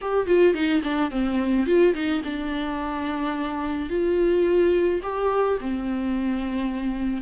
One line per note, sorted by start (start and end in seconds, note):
0.01 0.26 G4
0.26 0.54 F4
0.54 0.81 D#4
0.83 1.10 D4
1.11 1.66 C4
1.66 1.94 F4
1.94 2.21 D#4
2.24 3.89 D4
3.89 5.01 F4
5.03 5.58 G4
5.60 7.21 C4